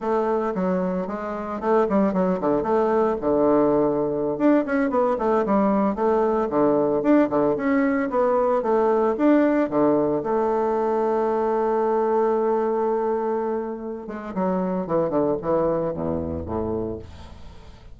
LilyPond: \new Staff \with { instrumentName = "bassoon" } { \time 4/4 \tempo 4 = 113 a4 fis4 gis4 a8 g8 | fis8 d8 a4 d2~ | d16 d'8 cis'8 b8 a8 g4 a8.~ | a16 d4 d'8 d8 cis'4 b8.~ |
b16 a4 d'4 d4 a8.~ | a1~ | a2~ a8 gis8 fis4 | e8 d8 e4 e,4 a,4 | }